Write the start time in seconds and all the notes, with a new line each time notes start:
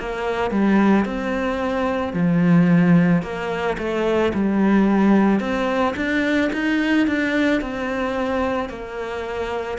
0.00 A#3
0.51 G3
1.06 C4
2.14 F3
3.23 A#3
3.78 A3
4.34 G3
5.40 C4
5.97 D4
6.53 D#4
7.08 D4
7.62 C4
8.70 A#3